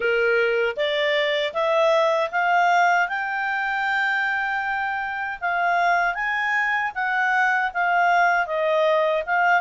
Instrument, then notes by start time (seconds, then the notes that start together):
clarinet
0.00 A#4
0.76 D5
1.53 E5
2.31 F5
3.08 G5
5.41 F5
6.14 G#5
6.94 F#5
7.73 F5
8.46 D#5
9.26 F5